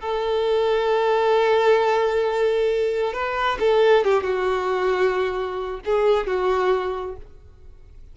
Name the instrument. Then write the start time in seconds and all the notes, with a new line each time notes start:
violin
0.00 A4
3.13 B4
3.59 A4
4.04 G4
4.23 F#4
5.85 G#4
6.26 F#4